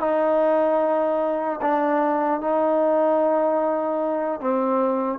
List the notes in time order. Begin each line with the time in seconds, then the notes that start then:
0.00 D#4
1.61 D4
2.40 D#4
4.41 C4